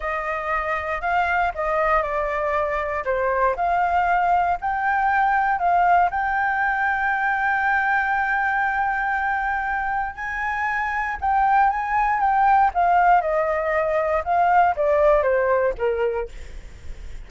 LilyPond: \new Staff \with { instrumentName = "flute" } { \time 4/4 \tempo 4 = 118 dis''2 f''4 dis''4 | d''2 c''4 f''4~ | f''4 g''2 f''4 | g''1~ |
g''1 | gis''2 g''4 gis''4 | g''4 f''4 dis''2 | f''4 d''4 c''4 ais'4 | }